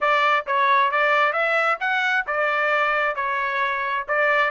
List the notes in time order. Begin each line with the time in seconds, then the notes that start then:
0.01 D5
0.46 C#5
0.91 D5
1.32 E5
1.80 F#5
2.26 D5
3.15 C#5
4.08 D5